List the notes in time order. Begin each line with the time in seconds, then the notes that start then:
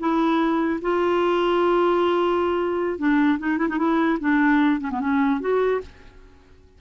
0.00 E4
0.82 F4
2.99 D4
3.39 D#4
3.59 E4
3.69 D#4
3.79 E4
4.20 D4
4.81 C#4
4.91 B3
5.01 C#4
5.41 F#4